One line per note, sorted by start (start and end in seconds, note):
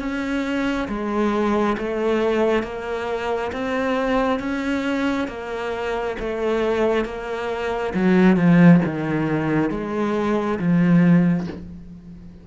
0.00 0.88 C#4
0.89 1.77 G#3
1.78 2.64 A3
2.64 3.52 A#3
3.53 4.40 C4
4.40 5.28 C#4
5.29 6.17 A#3
6.20 7.05 A3
7.05 7.94 A#3
7.95 8.37 F#3
8.37 8.81 F3
8.86 9.71 D#3
9.71 10.59 G#3
10.59 11.47 F3